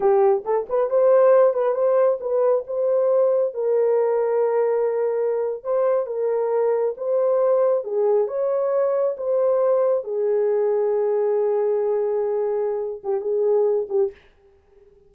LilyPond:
\new Staff \with { instrumentName = "horn" } { \time 4/4 \tempo 4 = 136 g'4 a'8 b'8 c''4. b'8 | c''4 b'4 c''2 | ais'1~ | ais'8. c''4 ais'2 c''16~ |
c''4.~ c''16 gis'4 cis''4~ cis''16~ | cis''8. c''2 gis'4~ gis'16~ | gis'1~ | gis'4. g'8 gis'4. g'8 | }